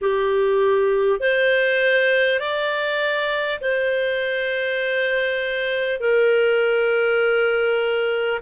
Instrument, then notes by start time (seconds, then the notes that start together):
clarinet
0.01 G4
1.20 C5
2.39 D5
3.60 C5
5.99 A#4